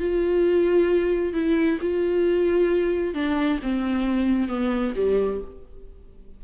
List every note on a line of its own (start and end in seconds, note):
0.00 1.34 F4
1.34 1.79 E4
1.81 3.15 F4
3.15 3.60 D4
3.63 4.48 C4
4.48 4.94 B3
4.96 5.41 G3